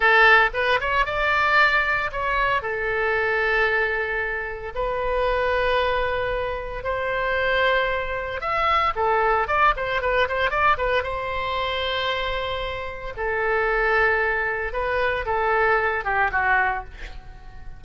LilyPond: \new Staff \with { instrumentName = "oboe" } { \time 4/4 \tempo 4 = 114 a'4 b'8 cis''8 d''2 | cis''4 a'2.~ | a'4 b'2.~ | b'4 c''2. |
e''4 a'4 d''8 c''8 b'8 c''8 | d''8 b'8 c''2.~ | c''4 a'2. | b'4 a'4. g'8 fis'4 | }